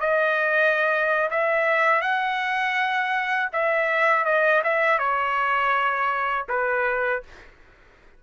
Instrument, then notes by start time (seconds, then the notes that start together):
trumpet
0.00 D#5
1.30 E5
2.01 F#5
3.53 E5
4.25 D#5
4.64 E5
4.98 C#5
6.48 B4